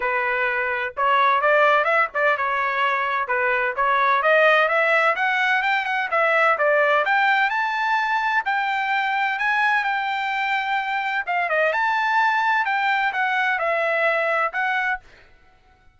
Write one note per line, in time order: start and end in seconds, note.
0.00 0.94 B4
0.97 1.41 C#5
1.41 1.84 D5
1.84 2.08 E5
2.13 2.37 D5
2.37 3.27 C#5
3.27 3.74 B4
3.75 4.22 C#5
4.22 4.68 D#5
4.68 5.15 E5
5.15 5.62 F#5
5.62 5.85 G5
5.85 6.08 F#5
6.10 6.57 E5
6.58 7.04 D5
7.05 7.50 G5
7.50 8.43 A5
8.45 9.39 G5
9.39 9.84 G#5
9.84 11.24 G5
11.26 11.49 F5
11.49 11.72 D#5
11.72 12.65 A5
12.65 13.12 G5
13.12 13.58 F#5
13.58 14.52 E5
14.52 14.99 F#5